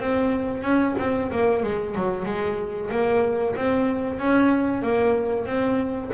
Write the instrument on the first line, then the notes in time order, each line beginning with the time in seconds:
double bass
0.00 C4
0.63 C#4
0.99 C4
1.32 A#3
1.63 G#3
1.95 F#3
2.26 G#3
2.91 A#3
3.56 C4
4.19 C#4
4.83 A#3
5.46 C4